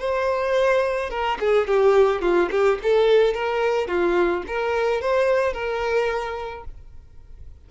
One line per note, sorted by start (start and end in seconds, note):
0.00 1.11 C5
1.11 1.38 A#4
1.40 1.68 G#4
1.68 2.22 G4
2.22 2.50 F4
2.52 2.79 G4
2.83 3.35 A4
3.35 3.88 A#4
3.88 4.44 F4
4.48 5.02 A#4
5.02 5.54 C5
5.54 6.65 A#4